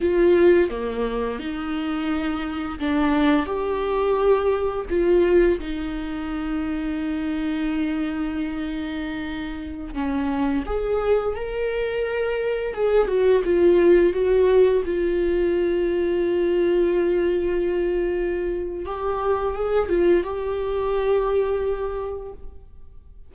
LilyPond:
\new Staff \with { instrumentName = "viola" } { \time 4/4 \tempo 4 = 86 f'4 ais4 dis'2 | d'4 g'2 f'4 | dis'1~ | dis'2~ dis'16 cis'4 gis'8.~ |
gis'16 ais'2 gis'8 fis'8 f'8.~ | f'16 fis'4 f'2~ f'8.~ | f'2. g'4 | gis'8 f'8 g'2. | }